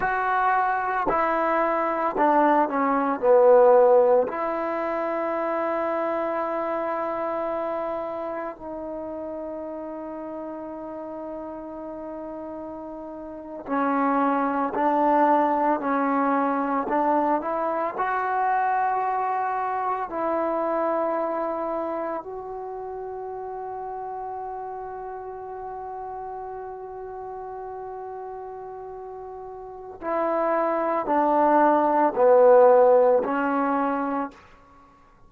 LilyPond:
\new Staff \with { instrumentName = "trombone" } { \time 4/4 \tempo 4 = 56 fis'4 e'4 d'8 cis'8 b4 | e'1 | dis'1~ | dis'8. cis'4 d'4 cis'4 d'16~ |
d'16 e'8 fis'2 e'4~ e'16~ | e'8. fis'2.~ fis'16~ | fis'1 | e'4 d'4 b4 cis'4 | }